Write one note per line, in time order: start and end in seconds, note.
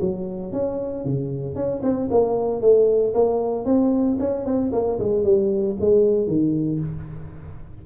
0.00 0.52 F#3
0.52 1.05 C#4
1.05 1.55 C#3
1.55 1.81 C#4
1.83 2.09 C4
2.11 2.61 A#3
2.61 3.13 A3
3.14 3.65 A#3
3.65 4.17 C4
4.19 4.45 C#4
4.45 4.71 C4
4.72 4.98 A#3
4.99 5.23 G#3
5.23 5.76 G3
5.80 6.27 G#3
6.27 6.79 D#3